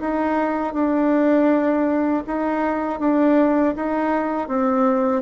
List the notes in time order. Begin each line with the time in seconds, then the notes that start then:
0.00 D#4
0.73 D4
2.27 D#4
3.00 D4
3.75 D#4
4.48 C4